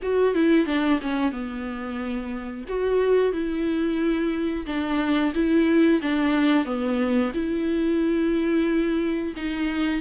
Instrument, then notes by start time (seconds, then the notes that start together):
viola
0.02 F#4
0.34 E4
0.66 D4
1.02 C#4
1.31 B3
2.68 F#4
3.32 E4
4.66 D4
5.34 E4
6.01 D4
6.65 B3
7.34 E4
9.36 D#4